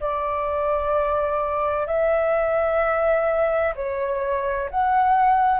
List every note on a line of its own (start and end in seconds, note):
0.00 1.86 D5
1.86 3.74 E5
3.75 4.69 C#5
4.70 5.60 F#5